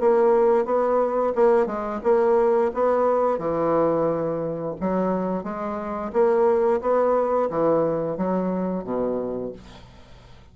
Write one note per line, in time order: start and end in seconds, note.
0.00 0.65 A#3
0.65 1.33 B3
1.35 1.66 A#3
1.66 2.01 G#3
2.03 2.71 A#3
2.74 3.39 B3
3.39 4.75 E3
4.80 5.44 F#3
5.44 6.12 G#3
6.13 6.81 A#3
6.82 7.50 B3
7.50 8.17 E3
8.17 8.84 F#3
8.84 9.52 B2